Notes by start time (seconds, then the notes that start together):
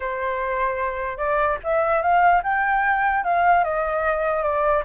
0.00 C5
1.17 D5
1.63 E5
2.02 F5
2.43 G5
3.24 F5
3.64 D#5
4.43 D5